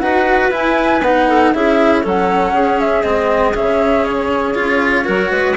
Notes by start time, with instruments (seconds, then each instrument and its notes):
0.00 bassoon D#4, cello F#4, clarinet B4, flute F#5
0.50 bassoon E4, cello E4, flute G#5
1.02 bassoon B3, cello D#4, flute F#5
1.29 clarinet A4
1.55 bassoon C#4, cello E4, clarinet G#4, flute E5
2.03 bassoon F#3, cello C#4, clarinet A4, flute F#5
2.54 bassoon C#4, clarinet G#4
2.81 flute E5
3.03 bassoon G#3, cello C4, flute D#5
3.55 bassoon C#3, cello C#4, flute E5
4.05 flute C#5
4.55 bassoon C#4, cello F4
5.05 bassoon F#3, cello F#4, clarinet A#4
5.31 bassoon G#3, clarinet B4